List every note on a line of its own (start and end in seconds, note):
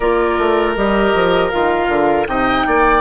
0.00 0.38 A#3
0.00 0.76 F4
0.00 2.27 A#4
0.00 0.75 D5
0.38 0.76 A3
0.76 1.14 G3
0.76 1.52 G4
0.76 1.50 D#5
1.14 1.52 F3
1.50 1.87 D#3
1.50 2.26 F4
1.50 2.26 F5
1.87 2.25 D3
2.26 2.65 C3
2.26 3.01 D#4
2.26 2.66 D#5
2.26 3.01 G5
2.66 3.01 A#3
2.66 3.01 D5